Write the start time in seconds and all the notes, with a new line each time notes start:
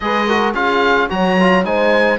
0.00 G#3 G#4 B4 D#5
0.27 F#4 A#4
0.54 C#4 F4 G#4 F5
1.09 F#3 F#4 C#5 A#5
1.40 F4
1.64 G#3 D#4 C5 G#5